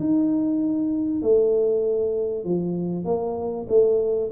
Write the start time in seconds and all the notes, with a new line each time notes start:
0.00 D#4
1.22 A3
2.45 F3
3.05 A#3
3.69 A3